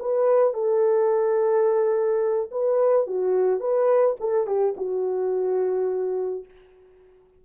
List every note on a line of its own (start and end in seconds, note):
0.00 0.54 B4
0.54 2.50 A4
2.52 3.07 B4
3.07 3.60 F#4
3.60 4.16 B4
4.21 4.47 A4
4.47 4.75 G4
4.77 6.45 F#4